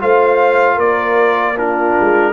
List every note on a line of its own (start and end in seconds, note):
0.00 0.78 A3
0.00 1.56 F4
0.00 0.76 C5
0.00 0.80 F5
0.76 1.95 A#3
0.76 1.54 A#4
0.76 1.58 D5
1.57 2.33 D4
1.57 2.33 F4
1.57 2.33 A#4
2.00 2.33 G#3